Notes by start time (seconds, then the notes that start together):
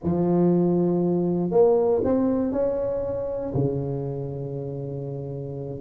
0.03 F3
1.51 A#3
2.04 C4
2.52 C#4
3.54 C#3